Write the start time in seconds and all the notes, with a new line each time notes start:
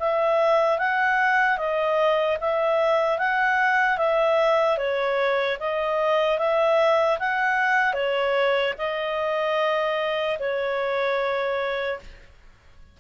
0.00 E5
0.79 F#5
1.58 D#5
2.41 E5
3.19 F#5
3.98 E5
4.78 C#5
5.60 D#5
6.39 E5
7.20 F#5
7.94 C#5
8.79 D#5
10.40 C#5